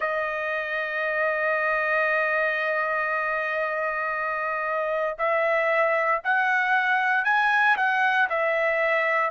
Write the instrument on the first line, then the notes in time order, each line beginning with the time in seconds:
trumpet
0.00 D#5
5.18 E5
6.24 F#5
7.24 G#5
7.76 F#5
8.29 E5